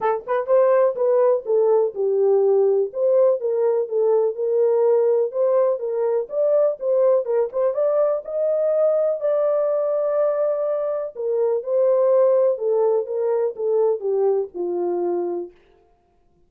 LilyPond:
\new Staff \with { instrumentName = "horn" } { \time 4/4 \tempo 4 = 124 a'8 b'8 c''4 b'4 a'4 | g'2 c''4 ais'4 | a'4 ais'2 c''4 | ais'4 d''4 c''4 ais'8 c''8 |
d''4 dis''2 d''4~ | d''2. ais'4 | c''2 a'4 ais'4 | a'4 g'4 f'2 | }